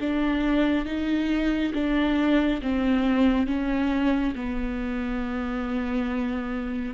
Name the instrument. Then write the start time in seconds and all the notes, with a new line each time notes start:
viola
0.00 D4
0.85 D#4
1.74 D4
2.62 C4
3.47 C#4
4.36 B3